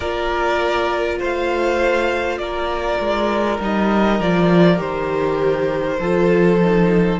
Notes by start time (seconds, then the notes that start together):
0.00 A#3 F4 A#4 D5
1.19 A3 C5 F5
2.38 A#3 A#4 D5
2.99 G#3
3.60 G3 D#4 D#5
4.19 F3 F4 D5
4.76 D#3 G4 C5
5.99 F3 F4 A4
6.61 D#4